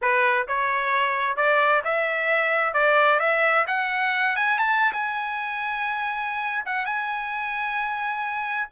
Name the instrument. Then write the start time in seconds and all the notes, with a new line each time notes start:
trumpet
0.01 B4
0.47 C#5
1.36 D5
1.84 E5
2.73 D5
3.19 E5
3.67 F#5
4.36 G#5
4.58 A5
4.92 G#5
6.65 F#5
6.85 G#5